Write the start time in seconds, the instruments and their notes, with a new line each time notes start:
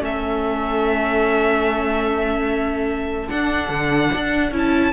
0.00 cello A3, viola C#4, violin A4 E5
3.29 viola D4, cello D4, violin F#5
3.69 cello D3
4.15 cello D4
4.51 cello C#4, viola E4
4.58 violin A5